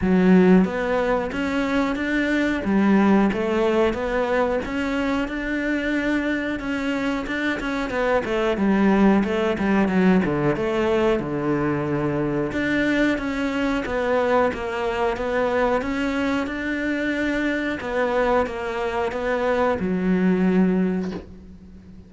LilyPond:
\new Staff \with { instrumentName = "cello" } { \time 4/4 \tempo 4 = 91 fis4 b4 cis'4 d'4 | g4 a4 b4 cis'4 | d'2 cis'4 d'8 cis'8 | b8 a8 g4 a8 g8 fis8 d8 |
a4 d2 d'4 | cis'4 b4 ais4 b4 | cis'4 d'2 b4 | ais4 b4 fis2 | }